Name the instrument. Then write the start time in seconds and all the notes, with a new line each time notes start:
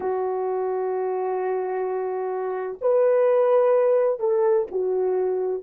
horn
0.00 F#4
2.81 B4
4.19 A4
4.71 F#4